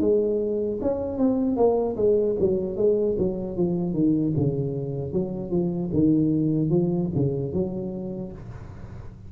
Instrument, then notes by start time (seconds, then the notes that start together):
tuba
0.00 G#3
0.81 C#4
1.18 C4
1.56 A#3
1.96 G#3
2.40 F#3
2.77 G#3
3.18 F#3
3.56 F3
3.93 D#3
4.37 C#3
5.12 F#3
5.50 F3
5.93 D#3
6.70 F3
7.15 C#3
7.53 F#3